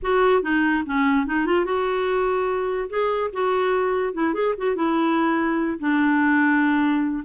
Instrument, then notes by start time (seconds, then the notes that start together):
clarinet
0.02 F#4
0.42 D#4
0.86 C#4
1.26 D#4
1.46 F4
1.65 F#4
2.89 G#4
3.32 F#4
4.13 E4
4.33 G#4
4.57 F#4
4.75 E4
5.79 D4